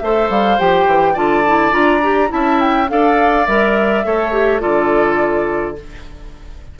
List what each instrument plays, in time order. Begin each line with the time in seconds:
0.00 bassoon A3, clarinet A4, oboe C5, flute E5
0.29 bassoon G3, flute F5
0.58 bassoon F3, clarinet G4, flute G5
0.86 bassoon E3
1.13 bassoon D3, clarinet F4, oboe D5, flute A5
1.46 clarinet E4
1.71 bassoon D4, clarinet F4, flute A#5
2.03 clarinet G4
2.28 bassoon C#4, clarinet E4, oboe E5, flute A5
2.60 flute G5
2.88 bassoon D4, clarinet A4, oboe D5, flute F5
3.46 bassoon G3, clarinet A#4, flute E5
4.04 bassoon A3, clarinet A4, oboe C#5
4.32 clarinet G4
4.60 bassoon D3, clarinet F4, oboe A4, flute D5